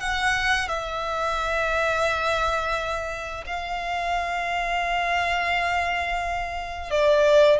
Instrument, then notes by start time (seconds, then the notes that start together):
violin
0.00 F#5
0.68 E5
3.46 F5
6.91 D5